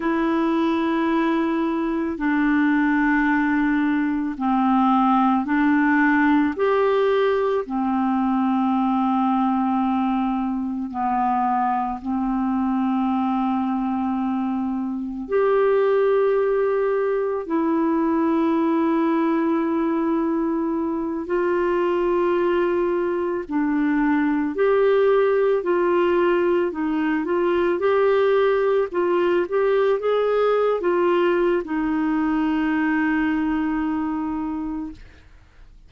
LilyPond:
\new Staff \with { instrumentName = "clarinet" } { \time 4/4 \tempo 4 = 55 e'2 d'2 | c'4 d'4 g'4 c'4~ | c'2 b4 c'4~ | c'2 g'2 |
e'2.~ e'8 f'8~ | f'4. d'4 g'4 f'8~ | f'8 dis'8 f'8 g'4 f'8 g'8 gis'8~ | gis'16 f'8. dis'2. | }